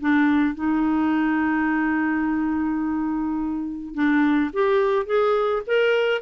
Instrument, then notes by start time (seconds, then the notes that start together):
clarinet
0.00 D4
0.55 D#4
3.94 D4
4.53 G4
5.06 G#4
5.67 A#4